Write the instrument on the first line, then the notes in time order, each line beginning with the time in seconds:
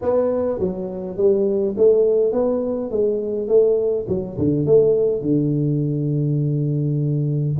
tuba
0.01 B3
0.59 F#3
1.17 G3
1.77 A3
2.32 B3
2.90 G#3
3.48 A3
4.08 F#3
4.38 D3
4.65 A3
5.21 D3